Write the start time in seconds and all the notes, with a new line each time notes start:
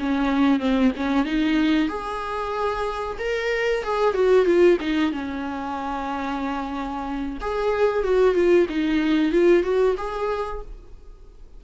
0.00 C#4
0.60 C4
0.97 C#4
1.26 D#4
1.89 G#4
3.19 A#4
3.84 G#4
4.14 F#4
4.46 F4
4.81 D#4
5.13 C#4
7.41 G#4
8.04 F#4
8.35 F4
8.69 D#4
9.32 F4
9.64 F#4
9.98 G#4